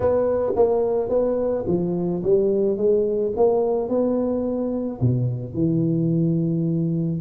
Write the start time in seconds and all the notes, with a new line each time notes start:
0.00 B3
0.55 A#3
1.09 B3
1.67 F3
2.23 G3
2.77 G#3
3.36 A#3
3.88 B3
5.01 B2
5.54 E3